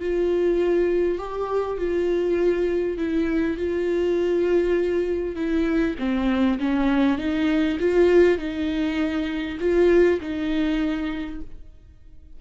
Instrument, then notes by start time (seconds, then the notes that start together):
viola
0.00 F4
1.18 G4
1.78 F4
2.98 E4
3.57 F4
5.35 E4
5.99 C4
6.59 C#4
7.18 D#4
7.80 F4
8.38 D#4
9.60 F4
10.21 D#4